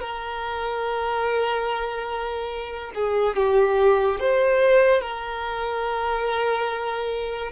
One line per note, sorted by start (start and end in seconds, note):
0.00 2.92 A#4
2.94 3.36 G#4
3.36 4.19 G4
4.19 5.01 C5
5.01 7.51 A#4